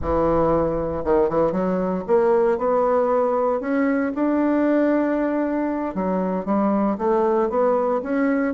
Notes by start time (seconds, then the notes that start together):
0.01 E3
1.04 D#3
1.29 E3
1.52 F#3
2.07 A#3
2.58 B3
3.60 C#4
4.14 D4
5.95 F#3
6.45 G3
6.98 A3
7.49 B3
8.02 C#4